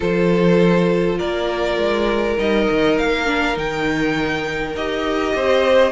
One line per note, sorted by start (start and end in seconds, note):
0.00 1.20 F3
0.00 2.37 F4
0.00 1.18 A4
0.00 1.18 C5
1.18 1.77 A#3
1.18 5.33 A#4
1.18 2.37 D5
1.77 2.37 G#3
2.37 2.68 G3
2.37 3.25 D#4
2.37 2.98 D#5
2.70 2.99 D#3
2.98 3.56 A#3
2.98 3.57 F5
3.25 3.53 D4
3.53 4.74 D#3
3.53 4.72 D#4
3.53 4.75 G5
4.74 5.33 D#4
4.74 5.91 G4
4.74 5.91 D#5
5.35 5.91 C4
5.35 5.91 C5